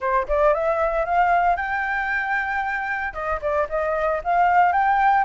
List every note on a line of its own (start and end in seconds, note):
0.00 0.27 C5
0.28 0.54 D5
0.54 1.05 E5
1.05 1.56 F5
1.56 3.13 G5
3.13 3.39 D#5
3.41 3.67 D5
3.69 4.21 D#5
4.24 4.72 F5
4.72 5.24 G5